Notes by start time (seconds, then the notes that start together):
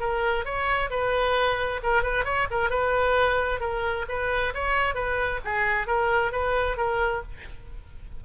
0.00 A#4
0.45 C#5
0.90 B4
1.83 A#4
2.03 B4
2.25 C#5
2.51 A#4
2.70 B4
3.60 A#4
4.08 B4
4.54 C#5
4.95 B4
5.45 G#4
5.87 A#4
6.32 B4
6.77 A#4